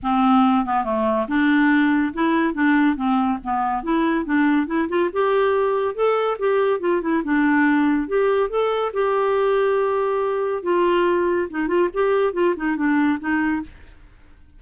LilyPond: \new Staff \with { instrumentName = "clarinet" } { \time 4/4 \tempo 4 = 141 c'4. b8 a4 d'4~ | d'4 e'4 d'4 c'4 | b4 e'4 d'4 e'8 f'8 | g'2 a'4 g'4 |
f'8 e'8 d'2 g'4 | a'4 g'2.~ | g'4 f'2 dis'8 f'8 | g'4 f'8 dis'8 d'4 dis'4 | }